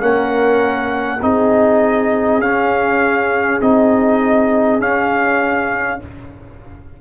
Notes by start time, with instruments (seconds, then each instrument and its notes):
0.00 tuba A#3, trombone C#4, horn A#4, trumpet F#5
1.21 tuba C4, trombone D#4, horn G#4, trumpet D#5
2.40 tuba C#4, trombone C#4, trumpet F5
3.61 tuba C4, trombone D#4, trumpet D#5
4.80 trombone C#4, tuba C#4, trumpet F5